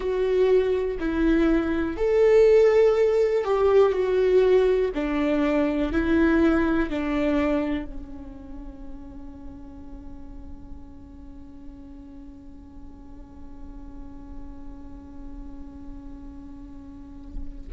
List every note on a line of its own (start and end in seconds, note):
0.00 0.98 F#4
0.99 1.96 E4
1.96 3.44 A4
3.44 3.92 G4
3.92 4.90 F#4
4.94 5.92 D4
5.92 6.89 E4
6.89 7.84 D4
7.84 17.68 C#4